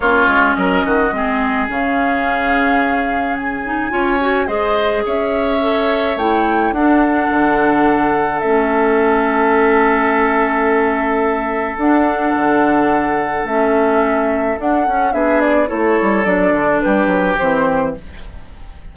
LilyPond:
<<
  \new Staff \with { instrumentName = "flute" } { \time 4/4 \tempo 4 = 107 cis''4 dis''2 f''4~ | f''2 gis''2 | dis''4 e''2 g''4 | fis''2. e''4~ |
e''1~ | e''4 fis''2. | e''2 fis''4 e''8 d''8 | cis''4 d''4 b'4 c''4 | }
  \new Staff \with { instrumentName = "oboe" } { \time 4/4 f'4 ais'8 fis'8 gis'2~ | gis'2. cis''4 | c''4 cis''2. | a'1~ |
a'1~ | a'1~ | a'2. gis'4 | a'2 g'2 | }
  \new Staff \with { instrumentName = "clarinet" } { \time 4/4 cis'2 c'4 cis'4~ | cis'2~ cis'8 dis'8 f'8 fis'8 | gis'2 a'4 e'4 | d'2. cis'4~ |
cis'1~ | cis'4 d'2. | cis'2 d'8 cis'8 d'4 | e'4 d'2 c'4 | }
  \new Staff \with { instrumentName = "bassoon" } { \time 4/4 ais8 gis8 fis8 dis8 gis4 cis4~ | cis2. cis'4 | gis4 cis'2 a4 | d'4 d2 a4~ |
a1~ | a4 d'4 d2 | a2 d'8 cis'8 b4 | a8 g8 fis8 d8 g8 fis8 e4 | }
>>